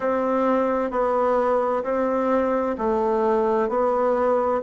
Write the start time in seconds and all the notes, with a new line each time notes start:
0.00 C4
0.91 B3
1.83 C4
2.78 A3
3.68 B3